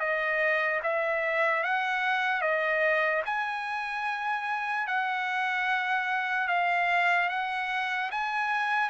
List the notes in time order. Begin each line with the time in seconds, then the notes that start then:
0.00 D#5
0.84 E5
1.64 F#5
2.42 D#5
3.26 G#5
4.87 F#5
6.48 F5
7.29 F#5
8.12 G#5